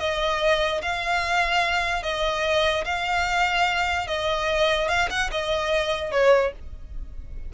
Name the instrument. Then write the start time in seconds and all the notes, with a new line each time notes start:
violin
0.00 D#5
0.83 F5
2.03 D#5
2.85 F5
4.08 D#5
4.89 F5
5.10 F#5
5.32 D#5
6.12 C#5